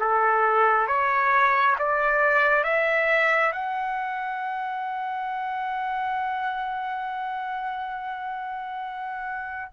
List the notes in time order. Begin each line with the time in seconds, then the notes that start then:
0.00 A4
0.88 C#5
1.79 D5
2.64 E5
3.53 F#5